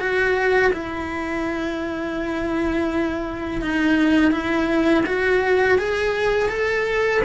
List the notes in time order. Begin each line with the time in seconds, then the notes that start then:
0.00 F#4
0.73 E4
3.62 D#4
4.32 E4
5.06 F#4
5.79 G#4
6.49 A4